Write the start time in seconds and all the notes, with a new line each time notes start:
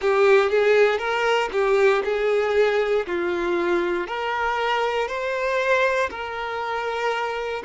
0.00 G4
0.49 G#4
0.98 A#4
1.52 G4
2.04 G#4
3.06 F4
4.07 A#4
5.08 C5
6.10 A#4